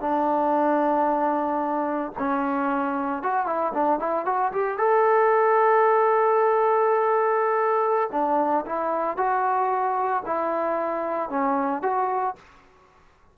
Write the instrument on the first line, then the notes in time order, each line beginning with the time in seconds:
trombone
0.00 D4
2.18 C#4
3.23 F#4
3.46 E4
3.73 D4
3.99 E4
4.25 F#4
4.52 G4
4.78 A4
8.12 D4
8.66 E4
9.17 F#4
10.26 E4
11.29 C#4
11.82 F#4